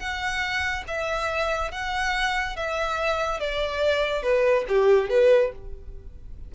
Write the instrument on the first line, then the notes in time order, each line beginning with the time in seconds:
violin
0.00 F#5
0.88 E5
1.72 F#5
2.57 E5
3.40 D5
4.23 B4
4.69 G4
5.10 B4